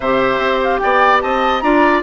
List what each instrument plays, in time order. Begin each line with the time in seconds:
0.00 bassoon C3, clarinet G4, oboe C5, flute E5
0.38 bassoon C4
0.63 flute F5
0.78 bassoon B3, oboe D5, flute G5
1.21 bassoon C4, oboe D#5, flute A5
1.60 bassoon D4, clarinet F4, oboe D5, flute A#5